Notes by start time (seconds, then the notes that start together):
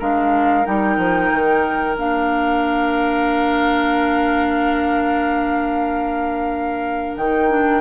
0.00 G#3 D4 A#4 F5
0.65 G3 D#4 G5
0.98 F3
1.33 D#3
1.97 A#3 D4 F5
7.17 D#3 D#4 G5
7.50 D4